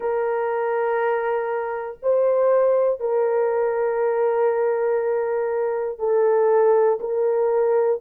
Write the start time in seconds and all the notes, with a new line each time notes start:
0.00 A#4
2.02 C5
3.00 A#4
5.98 A4
7.00 A#4